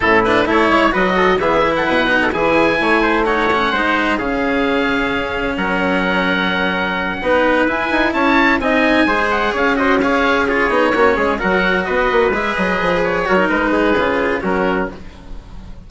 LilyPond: <<
  \new Staff \with { instrumentName = "oboe" } { \time 4/4 \tempo 4 = 129 a'8 b'8 cis''4 dis''4 e''8. fis''16~ | fis''4 gis''2 fis''4~ | fis''4 f''2. | fis''1~ |
fis''8 gis''4 a''4 gis''4. | fis''8 f''8 dis''8 f''4 cis''4.~ | cis''8 fis''4 dis''4 e''8 dis''4 | cis''4 b'2 ais'4 | }
  \new Staff \with { instrumentName = "trumpet" } { \time 4/4 e'4 a'8 cis''8 b'8 a'8 gis'8. a'16 | b'8. a'16 gis'4 cis''8 c''8 cis''4 | c''4 gis'2. | ais'2.~ ais'8 b'8~ |
b'4. cis''4 dis''4 c''8~ | c''8 cis''8 c''8 cis''4 gis'4 fis'8 | gis'8 ais'4 b'2~ b'8~ | b'8 ais'4 gis'4. fis'4 | }
  \new Staff \with { instrumentName = "cello" } { \time 4/4 cis'8 d'8 e'4 fis'4 b8 e'8~ | e'8 dis'8 e'2 dis'8 cis'8 | dis'4 cis'2.~ | cis'2.~ cis'8 dis'8~ |
dis'8 e'2 dis'4 gis'8~ | gis'4 fis'8 gis'4 f'8 dis'8 cis'8~ | cis'8 fis'2 gis'4.~ | gis'8 fis'16 dis'4~ dis'16 f'4 cis'4 | }
  \new Staff \with { instrumentName = "bassoon" } { \time 4/4 a,4 a8 gis8 fis4 e4 | b,4 e4 a2 | gis4 cis2. | fis2.~ fis8 b8~ |
b8 e'8 dis'8 cis'4 c'4 gis8~ | gis8 cis'2~ cis'8 b8 ais8 | gis8 fis4 b8 ais8 gis8 fis8 f8~ | f8 fis8 gis4 cis4 fis4 | }
>>